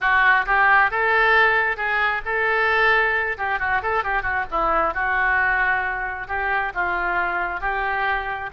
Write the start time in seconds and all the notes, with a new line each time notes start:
0.00 F#4
0.45 G4
0.90 A4
1.77 G#4
2.25 A4
3.37 G4
3.59 F#4
3.82 A4
4.03 G4
4.22 F#4
4.50 E4
4.94 F#4
6.27 G4
6.74 F4
7.60 G4